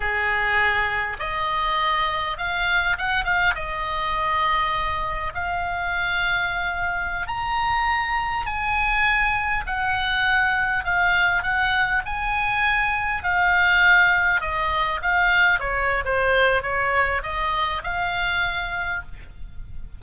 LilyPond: \new Staff \with { instrumentName = "oboe" } { \time 4/4 \tempo 4 = 101 gis'2 dis''2 | f''4 fis''8 f''8 dis''2~ | dis''4 f''2.~ | f''16 ais''2 gis''4.~ gis''16~ |
gis''16 fis''2 f''4 fis''8.~ | fis''16 gis''2 f''4.~ f''16~ | f''16 dis''4 f''4 cis''8. c''4 | cis''4 dis''4 f''2 | }